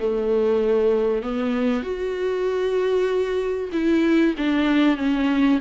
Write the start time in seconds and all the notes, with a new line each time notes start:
0.00 A3
1.23 B3
1.83 F#4
3.73 E4
4.38 D4
4.97 C#4